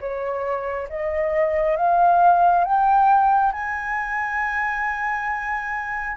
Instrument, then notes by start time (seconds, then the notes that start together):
flute
0.00 C#5
0.89 D#5
1.76 F5
2.64 G5
3.53 G#5